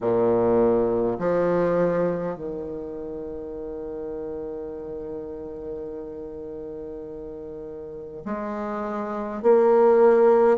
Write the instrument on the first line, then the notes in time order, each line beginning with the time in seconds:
bassoon
0.00 A#2
1.18 F3
2.35 D#3
8.25 G#3
9.42 A#3